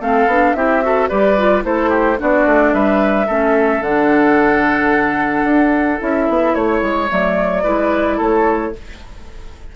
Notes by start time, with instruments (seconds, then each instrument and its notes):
0.00 bassoon A3, clarinet C4, oboe A4, flute F5
0.26 bassoon B3, clarinet D4
0.54 bassoon C4, clarinet E4, oboe G4, flute E5
0.82 clarinet F#4, oboe A4
1.09 bassoon G3, clarinet G4, oboe B4, flute D5
1.38 clarinet F4
1.62 bassoon A3, clarinet E4, oboe A4, flute C5
1.90 oboe G4
2.17 bassoon B3, clarinet D4, oboe F#4, flute D5
2.45 bassoon A3
2.74 bassoon G3, oboe B4, flute E5
3.26 bassoon A3, clarinet C#4, oboe A4
3.81 bassoon D3, clarinet D4, flute F#5
5.44 bassoon D4
5.99 bassoon C#4, clarinet E4, flute E5
6.29 bassoon B3
6.54 bassoon A3, flute C#5, oboe C#5
6.82 bassoon G#3
7.08 bassoon F#3, clarinet A3, flute D5
7.63 bassoon G#3, clarinet E4, oboe B4
8.17 bassoon A3, oboe A4, flute C#5